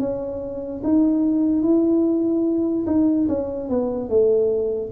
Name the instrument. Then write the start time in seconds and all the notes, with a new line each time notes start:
tuba
0.00 C#4
0.84 D#4
1.63 E4
2.87 D#4
3.29 C#4
3.70 B3
4.09 A3